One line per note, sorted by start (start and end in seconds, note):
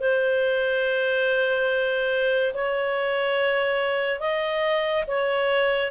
0.00 2.54 C5
2.54 4.19 C#5
4.19 5.04 D#5
5.07 5.91 C#5